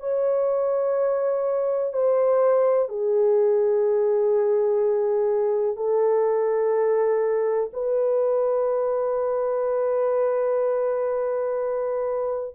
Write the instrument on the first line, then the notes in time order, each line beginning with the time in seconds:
horn
0.00 C#5
1.93 C5
2.89 G#4
5.76 A4
7.73 B4